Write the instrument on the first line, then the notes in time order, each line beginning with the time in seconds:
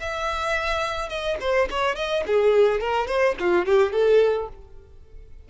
violin
0.00 E5
1.10 D#5
1.41 C5
1.71 C#5
1.96 D#5
2.27 G#4
2.81 A#4
3.07 C5
3.40 F4
3.66 G4
3.93 A4